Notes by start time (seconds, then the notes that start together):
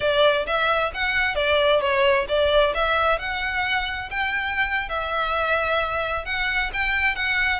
0.00 D5
0.46 E5
0.94 F#5
1.35 D5
1.80 C#5
2.28 D5
2.74 E5
3.18 F#5
4.10 G5
4.89 E5
6.25 F#5
6.73 G5
7.15 F#5